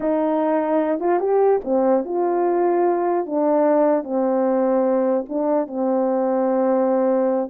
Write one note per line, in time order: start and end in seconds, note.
0.00 1.00 D#4
1.00 1.19 F4
1.19 1.60 G4
1.64 2.04 C4
2.04 3.25 F4
3.25 4.03 D4
4.03 5.25 C4
5.29 5.67 D4
5.67 7.49 C4